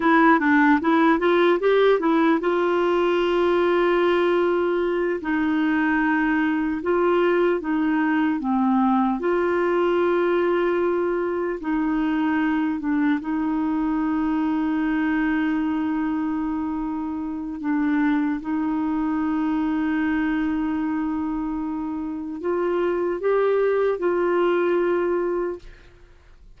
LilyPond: \new Staff \with { instrumentName = "clarinet" } { \time 4/4 \tempo 4 = 75 e'8 d'8 e'8 f'8 g'8 e'8 f'4~ | f'2~ f'8 dis'4.~ | dis'8 f'4 dis'4 c'4 f'8~ | f'2~ f'8 dis'4. |
d'8 dis'2.~ dis'8~ | dis'2 d'4 dis'4~ | dis'1 | f'4 g'4 f'2 | }